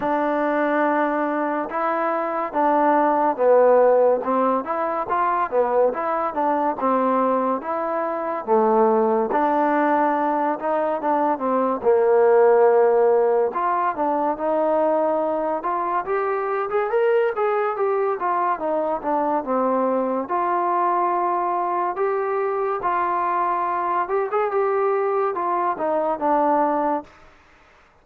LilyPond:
\new Staff \with { instrumentName = "trombone" } { \time 4/4 \tempo 4 = 71 d'2 e'4 d'4 | b4 c'8 e'8 f'8 b8 e'8 d'8 | c'4 e'4 a4 d'4~ | d'8 dis'8 d'8 c'8 ais2 |
f'8 d'8 dis'4. f'8 g'8. gis'16 | ais'8 gis'8 g'8 f'8 dis'8 d'8 c'4 | f'2 g'4 f'4~ | f'8 g'16 gis'16 g'4 f'8 dis'8 d'4 | }